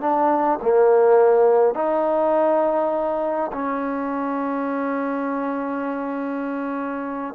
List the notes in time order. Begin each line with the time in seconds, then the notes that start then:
0.00 D4
0.62 A#3
1.74 D#4
3.52 C#4